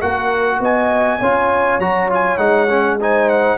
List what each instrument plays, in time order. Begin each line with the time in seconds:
0.00 tuba A#3, trombone F#4, horn A#4, trumpet F#5
0.60 tuba B3, horn D#5, trumpet G#5
1.19 tuba C#4, trombone F4, horn C#5
1.79 tuba F#3, trombone F#4, trumpet A#5
2.10 trombone F4, trumpet G#5
2.38 tuba G#3, trombone D#4, trumpet F#5
2.70 trombone C#4
3.01 trombone D#4, horn C5, trumpet G#5
3.29 trumpet F#5